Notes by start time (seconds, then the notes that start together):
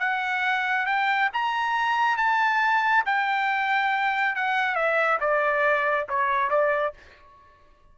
0.00 F#5
0.87 G5
1.34 A#5
2.18 A5
3.06 G5
4.36 F#5
4.75 E5
5.21 D5
6.09 C#5
6.50 D5